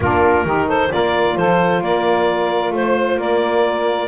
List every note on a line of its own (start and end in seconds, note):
0.00 0.44 A#3
0.00 0.45 D4
0.00 0.45 F4
0.00 0.69 A#4
0.44 0.90 D#3
0.44 0.89 D#4
0.44 0.66 G4
0.66 0.89 A4
0.66 0.92 C5
0.89 1.36 A#3
0.89 4.07 F4
0.89 1.36 A#4
0.89 1.37 D5
1.36 1.81 F3
1.36 1.82 A4
1.36 1.82 C5
1.81 2.70 A#3
1.81 2.74 A#4
1.81 2.74 D5
2.70 3.16 A3
2.70 3.20 C5
2.70 3.18 C5
3.17 4.07 A#3
3.17 4.08 A#4
3.17 4.08 D5